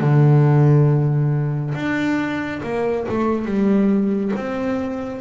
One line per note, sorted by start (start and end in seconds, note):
0.00 1.74 D3
1.74 2.61 D4
2.63 3.07 A#3
3.09 3.45 A3
3.45 4.32 G3
4.36 5.21 C4